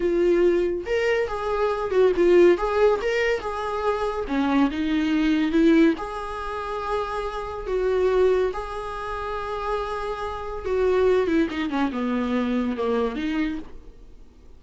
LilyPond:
\new Staff \with { instrumentName = "viola" } { \time 4/4 \tempo 4 = 141 f'2 ais'4 gis'4~ | gis'8 fis'8 f'4 gis'4 ais'4 | gis'2 cis'4 dis'4~ | dis'4 e'4 gis'2~ |
gis'2 fis'2 | gis'1~ | gis'4 fis'4. e'8 dis'8 cis'8 | b2 ais4 dis'4 | }